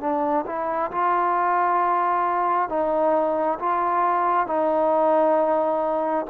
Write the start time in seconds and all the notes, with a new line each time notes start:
0.00 D4
0.46 E4
0.91 F4
2.69 D#4
3.59 F4
4.47 D#4